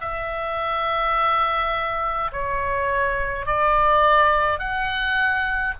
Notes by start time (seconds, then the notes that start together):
0.00 E5
2.32 C#5
3.46 D5
4.58 F#5